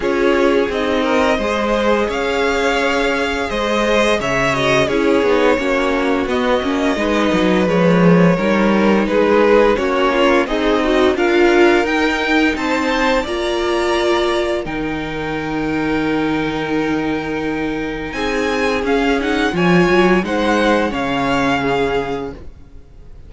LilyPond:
<<
  \new Staff \with { instrumentName = "violin" } { \time 4/4 \tempo 4 = 86 cis''4 dis''2 f''4~ | f''4 dis''4 e''8 dis''8 cis''4~ | cis''4 dis''2 cis''4~ | cis''4 b'4 cis''4 dis''4 |
f''4 g''4 a''4 ais''4~ | ais''4 g''2.~ | g''2 gis''4 f''8 fis''8 | gis''4 fis''4 f''2 | }
  \new Staff \with { instrumentName = "violin" } { \time 4/4 gis'4. ais'8 c''4 cis''4~ | cis''4 c''4 cis''4 gis'4 | fis'2 b'2 | ais'4 gis'4 fis'8 f'8 dis'4 |
ais'2 c''4 d''4~ | d''4 ais'2.~ | ais'2 gis'2 | cis''4 c''4 cis''4 gis'4 | }
  \new Staff \with { instrumentName = "viola" } { \time 4/4 f'4 dis'4 gis'2~ | gis'2~ gis'8 fis'8 e'8 dis'8 | cis'4 b8 cis'8 dis'4 gis4 | dis'2 cis'4 gis'8 fis'8 |
f'4 dis'2 f'4~ | f'4 dis'2.~ | dis'2. cis'8 dis'8 | f'4 dis'4 cis'2 | }
  \new Staff \with { instrumentName = "cello" } { \time 4/4 cis'4 c'4 gis4 cis'4~ | cis'4 gis4 cis4 cis'8 b8 | ais4 b8 ais8 gis8 fis8 f4 | g4 gis4 ais4 c'4 |
d'4 dis'4 c'4 ais4~ | ais4 dis2.~ | dis2 c'4 cis'4 | f8 fis8 gis4 cis2 | }
>>